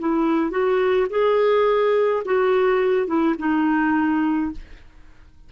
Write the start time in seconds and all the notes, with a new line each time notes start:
0.00 E4
0.51 F#4
1.10 G#4
2.25 F#4
3.07 E4
3.39 D#4